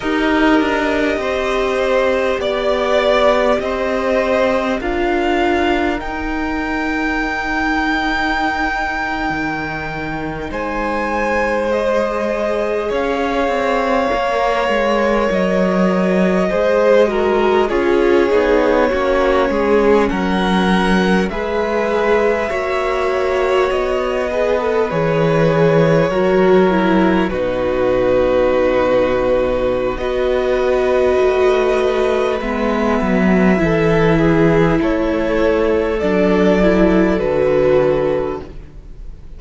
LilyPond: <<
  \new Staff \with { instrumentName = "violin" } { \time 4/4 \tempo 4 = 50 dis''2 d''4 dis''4 | f''4 g''2.~ | g''8. gis''4 dis''4 f''4~ f''16~ | f''8. dis''2 cis''4~ cis''16~ |
cis''8. fis''4 e''2 dis''16~ | dis''8. cis''2 b'4~ b'16~ | b'4 dis''2 e''4~ | e''4 cis''4 d''4 b'4 | }
  \new Staff \with { instrumentName = "violin" } { \time 4/4 ais'4 c''4 d''4 c''4 | ais'1~ | ais'8. c''2 cis''4~ cis''16~ | cis''4.~ cis''16 c''8 ais'8 gis'4 fis'16~ |
fis'16 gis'8 ais'4 b'4 cis''4~ cis''16~ | cis''16 b'4. ais'4 fis'4~ fis'16~ | fis'4 b'2. | a'8 gis'8 a'2. | }
  \new Staff \with { instrumentName = "viola" } { \time 4/4 g'1 | f'4 dis'2.~ | dis'4.~ dis'16 gis'2 ais'16~ | ais'4.~ ais'16 gis'8 fis'8 f'8 dis'8 cis'16~ |
cis'4.~ cis'16 gis'4 fis'4~ fis'16~ | fis'16 gis'16 a'16 gis'4 fis'8 e'8 dis'4~ dis'16~ | dis'4 fis'2 b4 | e'2 d'8 e'8 fis'4 | }
  \new Staff \with { instrumentName = "cello" } { \time 4/4 dis'8 d'8 c'4 b4 c'4 | d'4 dis'2~ dis'8. dis16~ | dis8. gis2 cis'8 c'8 ais16~ | ais16 gis8 fis4 gis4 cis'8 b8 ais16~ |
ais16 gis8 fis4 gis4 ais4 b16~ | b8. e4 fis4 b,4~ b,16~ | b,4 b4 a4 gis8 fis8 | e4 a4 fis4 d4 | }
>>